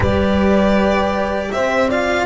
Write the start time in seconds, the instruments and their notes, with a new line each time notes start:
0.00 double bass G3, cello G4, horn B4, violin D5
1.51 double bass C4, horn C5, violin E5
1.87 cello F4, horn D5, violin F5